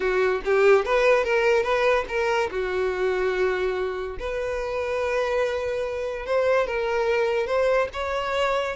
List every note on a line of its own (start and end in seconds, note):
0.00 0.41 F#4
0.45 0.85 G4
0.85 1.24 B4
1.24 1.63 A#4
1.63 2.04 B4
2.08 2.49 A#4
2.50 4.17 F#4
4.19 6.26 B4
6.26 6.66 C5
6.66 7.46 A#4
7.46 7.88 C5
7.93 8.75 C#5